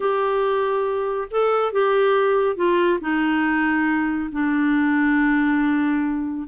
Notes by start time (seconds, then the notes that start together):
0.00 G4
1.31 A4
1.72 G4
2.56 F4
3.00 D#4
4.32 D4